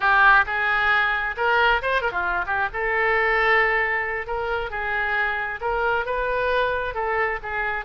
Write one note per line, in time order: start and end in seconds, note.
0.00 0.45 G4
0.46 1.35 G#4
1.37 1.81 A#4
1.81 2.01 C5
2.01 2.11 A#4
2.11 2.45 F4
2.46 2.69 G4
2.73 4.26 A4
4.26 4.70 A#4
4.70 5.60 G#4
5.60 6.05 A#4
6.05 6.94 B4
6.94 7.39 A4
7.42 7.85 G#4